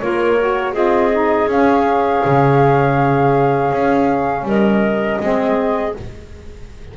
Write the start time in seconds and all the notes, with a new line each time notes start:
0.00 A#3 F4 A#4 C#5
0.40 F#4
0.73 C4 F4 G#4 D#5
1.12 D#4
1.48 C#4 F5
2.26 C#3
3.71 C#4
4.43 G3 A#4 D#5
5.21 G#3 C4 G#4